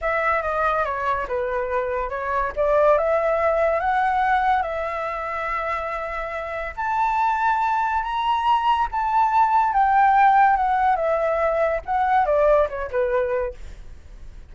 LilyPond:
\new Staff \with { instrumentName = "flute" } { \time 4/4 \tempo 4 = 142 e''4 dis''4 cis''4 b'4~ | b'4 cis''4 d''4 e''4~ | e''4 fis''2 e''4~ | e''1 |
a''2. ais''4~ | ais''4 a''2 g''4~ | g''4 fis''4 e''2 | fis''4 d''4 cis''8 b'4. | }